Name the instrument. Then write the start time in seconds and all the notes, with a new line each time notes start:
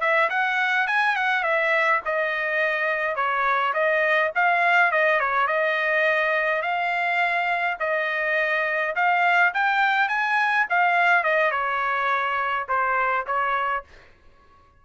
trumpet
0.00 E5
0.29 F#5
0.87 G#5
1.16 F#5
1.43 E5
2.05 D#5
3.15 C#5
3.73 D#5
4.35 F5
4.91 D#5
5.20 C#5
5.47 D#5
6.62 F5
7.79 D#5
8.95 F5
9.54 G5
10.08 G#5
10.70 F5
11.23 D#5
11.51 C#5
12.68 C5
13.26 C#5